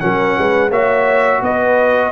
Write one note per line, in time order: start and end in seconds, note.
0.00 0.38 F#3
0.00 0.71 C#4
0.00 0.37 A#4
0.00 0.71 F#5
0.37 0.70 G#3
0.37 0.70 B4
0.70 1.40 A#3
0.70 2.12 F#4
0.70 1.41 C#5
0.70 1.43 E5
1.42 2.12 B3
1.42 2.12 B4
1.42 2.12 D#5